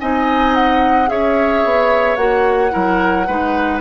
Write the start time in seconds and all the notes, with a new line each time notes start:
0.00 C4 D#4 D#5 G#5
0.55 F#5
1.07 C#4 G#4 C#5 E5
1.65 B3
2.16 A#3 F#4 F#5
2.70 F#3 E4 A#4
3.27 G#3 D#4 B4